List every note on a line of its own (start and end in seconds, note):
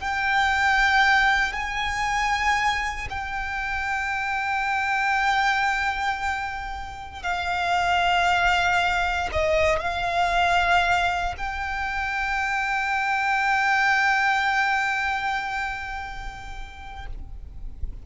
0.00 1.53 G5
1.53 3.08 G#5
3.10 7.23 G5
7.23 9.30 F5
9.32 9.79 D#5
9.79 11.35 F5
11.37 17.06 G5